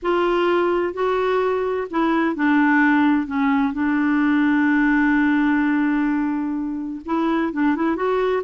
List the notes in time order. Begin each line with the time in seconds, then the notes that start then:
0.02 F4
0.93 F#4
1.90 E4
2.35 D4
3.26 C#4
3.73 D4
7.05 E4
7.52 D4
7.75 E4
7.96 F#4